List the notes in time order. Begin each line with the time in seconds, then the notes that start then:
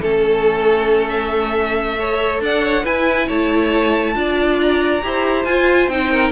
0.00 A3 C#4 A4
1.08 E5
1.98 A4 C#5
2.40 D4 D5 F#5
2.64 C#5
2.83 E4 B4 G#5
3.27 A3 C#5 A5
4.14 D4 F4 D5
4.61 A#5
5.02 E4 G4 C5
5.45 F4 G#5
5.87 C4 D#4 G5
6.11 A#4